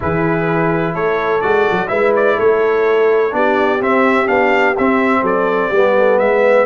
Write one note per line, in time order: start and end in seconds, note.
0.00 0.94 E3
0.00 1.42 E4
0.00 0.93 G#4
0.00 0.94 B4
0.93 1.41 A3
0.93 1.88 A4
0.93 1.41 C#5
1.41 1.67 G#3
1.41 1.87 F#4
1.41 1.88 D5
1.71 1.90 F#3
1.87 2.38 G#3
1.87 3.30 E4
1.87 2.35 B4
1.87 2.11 E5
2.16 2.39 D5
2.35 3.33 A3
2.35 3.30 A4
2.35 3.34 C#5
3.31 3.80 B3
3.31 3.79 D4
3.31 5.21 G4
3.31 3.82 D5
3.80 4.26 C4
3.80 4.28 C4
3.80 4.27 E5
4.26 4.76 B3
4.26 4.74 D4
4.26 4.75 F5
4.77 5.21 C4
4.77 5.74 C4
4.77 5.25 E5
5.21 5.69 F#3
5.21 5.68 A4
5.21 6.18 D5
5.68 6.20 G3
5.68 6.66 B3
5.68 5.92 G4
5.96 6.20 A4
6.18 6.66 G#3
6.18 6.66 B4
6.18 6.66 E5